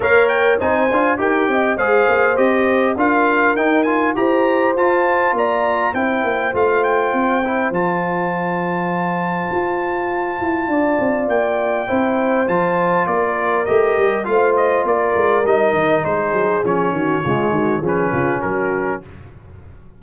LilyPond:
<<
  \new Staff \with { instrumentName = "trumpet" } { \time 4/4 \tempo 4 = 101 f''8 g''8 gis''4 g''4 f''4 | dis''4 f''4 g''8 gis''8 ais''4 | a''4 ais''4 g''4 f''8 g''8~ | g''4 a''2.~ |
a''2. g''4~ | g''4 a''4 d''4 dis''4 | f''8 dis''8 d''4 dis''4 c''4 | cis''2 b'4 ais'4 | }
  \new Staff \with { instrumentName = "horn" } { \time 4/4 cis''4 c''4 ais'8 dis''8 c''4~ | c''4 ais'2 c''4~ | c''4 d''4 c''2~ | c''1~ |
c''2 d''2 | c''2 ais'2 | c''4 ais'2 gis'4~ | gis'8 fis'8 f'8 fis'8 gis'8 f'8 fis'4 | }
  \new Staff \with { instrumentName = "trombone" } { \time 4/4 ais'4 dis'8 f'8 g'4 gis'4 | g'4 f'4 dis'8 f'8 g'4 | f'2 e'4 f'4~ | f'8 e'8 f'2.~ |
f'1 | e'4 f'2 g'4 | f'2 dis'2 | cis'4 gis4 cis'2 | }
  \new Staff \with { instrumentName = "tuba" } { \time 4/4 ais4 c'8 d'8 dis'8 c'8 gis8 ais8 | c'4 d'4 dis'4 e'4 | f'4 ais4 c'8 ais8 a4 | c'4 f2. |
f'4. e'8 d'8 c'8 ais4 | c'4 f4 ais4 a8 g8 | a4 ais8 gis8 g8 dis8 gis8 fis8 | f8 dis8 cis8 dis8 f8 cis8 fis4 | }
>>